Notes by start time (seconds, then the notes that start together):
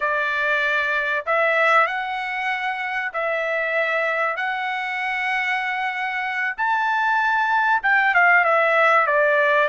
0.00 D5
1.26 E5
1.87 F#5
3.12 E5
4.36 F#5
6.57 A5
7.83 G5
8.14 F5
8.44 E5
9.07 D5